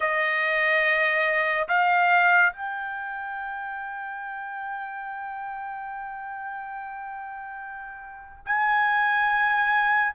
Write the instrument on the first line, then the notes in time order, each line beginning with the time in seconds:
trumpet
0.00 D#5
1.68 F5
2.52 G5
8.45 G#5